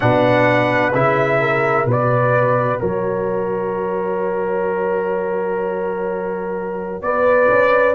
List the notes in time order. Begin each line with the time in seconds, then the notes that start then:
0.00 B2 D4 B4 F#5
0.94 C#3 E4 E5
1.40 A#4
1.85 B2 F#4 B4 D5
2.80 F#3 A#4 C#5
7.01 B3 B4 D5
7.49 C#4